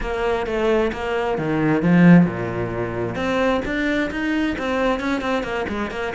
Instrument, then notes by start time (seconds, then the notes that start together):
cello
0.01 A#3
0.46 A3
0.92 A#3
1.38 D#3
1.82 F3
2.25 A#2
3.15 C4
3.65 D4
4.10 D#4
4.58 C4
5.00 C#4
5.21 C4
5.43 A#3
5.68 G#3
5.90 A#3